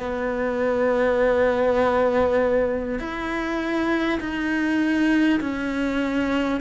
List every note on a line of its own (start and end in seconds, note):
0.00 3.00 B3
3.00 4.20 E4
4.21 5.41 D#4
5.41 6.61 C#4